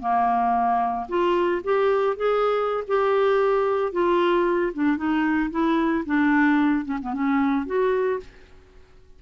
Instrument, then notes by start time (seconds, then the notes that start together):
clarinet
0.00 A#3
1.09 F4
1.64 G4
2.17 G#4
2.88 G4
3.93 F4
4.74 D4
4.97 D#4
5.51 E4
6.06 D4
6.85 C#4
7.02 B3
7.14 C#4
7.67 F#4